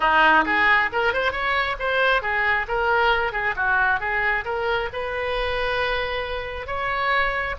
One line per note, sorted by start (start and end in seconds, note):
0.00 0.44 D#4
0.45 0.90 G#4
0.92 1.13 A#4
1.13 1.32 C5
1.32 1.76 C#5
1.79 2.22 C5
2.22 2.66 G#4
2.68 3.32 A#4
3.32 3.54 G#4
3.56 4.00 F#4
4.00 4.44 G#4
4.44 4.89 A#4
4.92 6.66 B4
6.66 7.55 C#5